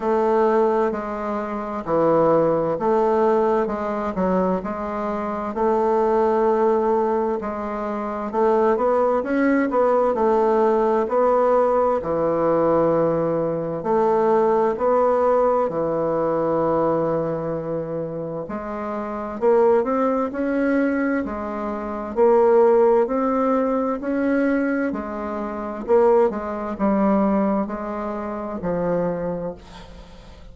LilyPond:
\new Staff \with { instrumentName = "bassoon" } { \time 4/4 \tempo 4 = 65 a4 gis4 e4 a4 | gis8 fis8 gis4 a2 | gis4 a8 b8 cis'8 b8 a4 | b4 e2 a4 |
b4 e2. | gis4 ais8 c'8 cis'4 gis4 | ais4 c'4 cis'4 gis4 | ais8 gis8 g4 gis4 f4 | }